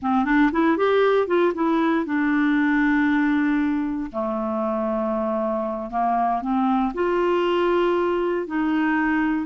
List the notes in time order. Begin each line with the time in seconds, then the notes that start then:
0.01 C4
0.24 D4
0.52 E4
0.77 G4
1.27 F4
1.54 E4
2.05 D4
4.12 A3
5.90 A#3
6.41 C4
6.93 F4
8.46 D#4